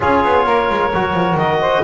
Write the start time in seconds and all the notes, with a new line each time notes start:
0.00 C#4 F4 G#4 C#5
0.24 B3
0.44 A#3 A#4
0.69 G#3
0.93 F#3 F#4
1.13 F3
1.33 D#3 D#5
1.60 C5